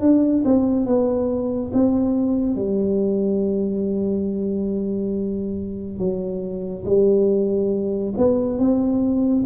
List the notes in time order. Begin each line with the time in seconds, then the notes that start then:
0.00 D4
0.44 C4
0.86 B3
1.73 C4
2.55 G3
5.98 F#3
6.85 G3
8.17 B3
8.58 C4